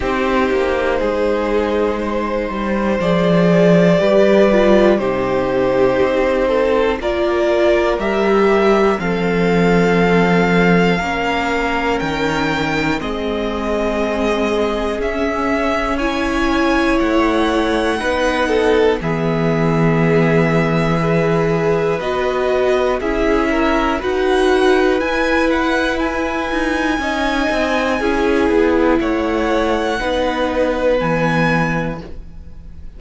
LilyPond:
<<
  \new Staff \with { instrumentName = "violin" } { \time 4/4 \tempo 4 = 60 c''2. d''4~ | d''4 c''2 d''4 | e''4 f''2. | g''4 dis''2 e''4 |
gis''4 fis''2 e''4~ | e''2 dis''4 e''4 | fis''4 gis''8 fis''8 gis''2~ | gis''4 fis''2 gis''4 | }
  \new Staff \with { instrumentName = "violin" } { \time 4/4 g'4 gis'4 c''2 | b'4 g'4. a'8 ais'4~ | ais'4 a'2 ais'4~ | ais'4 gis'2. |
cis''2 b'8 a'8 gis'4~ | gis'4 b'2 gis'8 ais'8 | b'2. dis''4 | gis'4 cis''4 b'2 | }
  \new Staff \with { instrumentName = "viola" } { \time 4/4 dis'2. gis'4 | g'8 f'8 dis'2 f'4 | g'4 c'2 cis'4~ | cis'4 c'2 cis'4 |
e'2 dis'4 b4~ | b4 gis'4 fis'4 e'4 | fis'4 e'2 dis'4 | e'2 dis'4 b4 | }
  \new Staff \with { instrumentName = "cello" } { \time 4/4 c'8 ais8 gis4. g8 f4 | g4 c4 c'4 ais4 | g4 f2 ais4 | dis4 gis2 cis'4~ |
cis'4 a4 b4 e4~ | e2 b4 cis'4 | dis'4 e'4. dis'8 cis'8 c'8 | cis'8 b8 a4 b4 e4 | }
>>